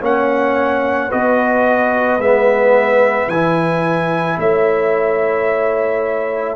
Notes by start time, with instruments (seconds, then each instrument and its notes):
0.00 tuba A#3, trombone C#4, horn C#5, trumpet F#5
1.08 tuba B3, trombone F#4, horn B4, trumpet D#5
2.18 tuba G#3, trombone B3, trumpet E5
3.28 tuba E3, trombone E4, trumpet G#5
4.39 tuba A3, horn C#5, trumpet E5